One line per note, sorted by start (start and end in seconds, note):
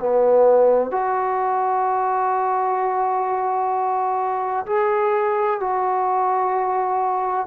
0.00 0.91 B3
0.91 4.66 F#4
4.67 5.60 G#4
5.60 7.47 F#4